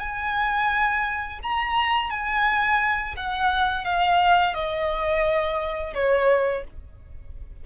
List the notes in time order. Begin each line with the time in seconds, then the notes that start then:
0.00 G#5
1.43 A#5
2.11 G#5
3.17 F#5
3.85 F5
4.55 D#5
5.95 C#5